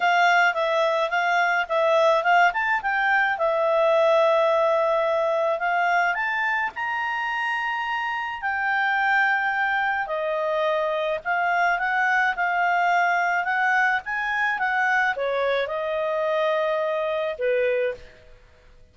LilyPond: \new Staff \with { instrumentName = "clarinet" } { \time 4/4 \tempo 4 = 107 f''4 e''4 f''4 e''4 | f''8 a''8 g''4 e''2~ | e''2 f''4 a''4 | ais''2. g''4~ |
g''2 dis''2 | f''4 fis''4 f''2 | fis''4 gis''4 fis''4 cis''4 | dis''2. b'4 | }